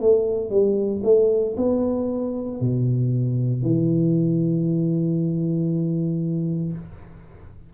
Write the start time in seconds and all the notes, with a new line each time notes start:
0.00 A3
0.50 G3
1.03 A3
1.57 B3
2.60 B2
3.62 E3